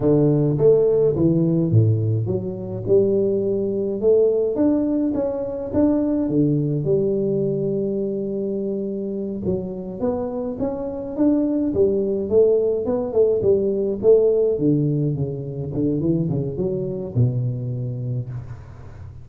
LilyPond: \new Staff \with { instrumentName = "tuba" } { \time 4/4 \tempo 4 = 105 d4 a4 e4 a,4 | fis4 g2 a4 | d'4 cis'4 d'4 d4 | g1~ |
g8 fis4 b4 cis'4 d'8~ | d'8 g4 a4 b8 a8 g8~ | g8 a4 d4 cis4 d8 | e8 cis8 fis4 b,2 | }